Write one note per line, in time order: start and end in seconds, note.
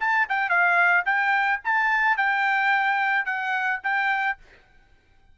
0.00 0.27 A5
0.29 0.49 G5
0.49 1.04 F5
1.05 1.60 G5
1.64 2.17 A5
2.17 3.26 G5
3.26 3.80 F#5
3.83 4.38 G5